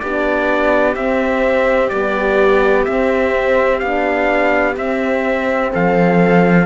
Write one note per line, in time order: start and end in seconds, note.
0.00 0.96 B3
0.00 0.97 D4
0.00 5.72 G4
0.00 0.95 D5
0.96 1.92 C4
0.96 1.91 C4
0.96 1.89 E5
1.89 2.86 G3
1.89 2.87 B3
1.89 2.84 D5
2.85 3.81 C4
2.85 3.82 C4
2.85 3.80 E5
3.80 4.77 B3
3.80 4.77 D4
3.80 4.75 F5
4.77 5.72 C4
4.77 6.66 C4
4.77 5.73 E5
5.72 6.66 F3
5.72 6.66 A4
5.72 6.66 F5